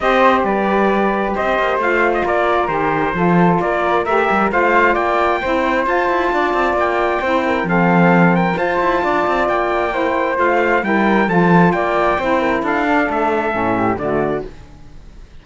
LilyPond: <<
  \new Staff \with { instrumentName = "trumpet" } { \time 4/4 \tempo 4 = 133 dis''4 d''2 dis''4 | f''8. dis''16 d''4 c''2 | d''4 e''4 f''4 g''4~ | g''4 a''2 g''4~ |
g''4 f''4. g''8 a''4~ | a''4 g''2 f''4 | g''4 a''4 g''2 | f''4 e''2 d''4 | }
  \new Staff \with { instrumentName = "flute" } { \time 4/4 c''4 b'2 c''4~ | c''4 ais'2 a'4 | ais'2 c''4 d''4 | c''2 d''2 |
c''8 ais'8 a'4. ais'8 c''4 | d''2 c''2 | ais'4 a'4 d''4 c''8 ais'8 | a'2~ a'8 g'8 fis'4 | }
  \new Staff \with { instrumentName = "saxophone" } { \time 4/4 g'1 | f'2 g'4 f'4~ | f'4 g'4 f'2 | e'4 f'2. |
e'4 c'2 f'4~ | f'2 e'4 f'4 | e'4 f'2 e'4~ | e'8 d'4. cis'4 a4 | }
  \new Staff \with { instrumentName = "cello" } { \time 4/4 c'4 g2 c'8 ais8 | a4 ais4 dis4 f4 | ais4 a8 g8 a4 ais4 | c'4 f'8 e'8 d'8 c'8 ais4 |
c'4 f2 f'8 e'8 | d'8 c'8 ais2 a4 | g4 f4 ais4 c'4 | d'4 a4 a,4 d4 | }
>>